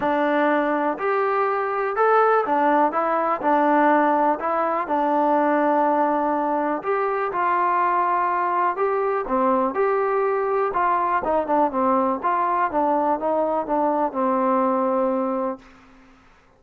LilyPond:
\new Staff \with { instrumentName = "trombone" } { \time 4/4 \tempo 4 = 123 d'2 g'2 | a'4 d'4 e'4 d'4~ | d'4 e'4 d'2~ | d'2 g'4 f'4~ |
f'2 g'4 c'4 | g'2 f'4 dis'8 d'8 | c'4 f'4 d'4 dis'4 | d'4 c'2. | }